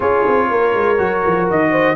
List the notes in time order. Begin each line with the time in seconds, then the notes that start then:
0.00 C#4 F4 G#4 C#5
0.27 C4
0.49 A#3 A#4
0.73 G#3
0.97 F#3 F#4
1.26 F3
1.49 D#3 D#5
1.71 C5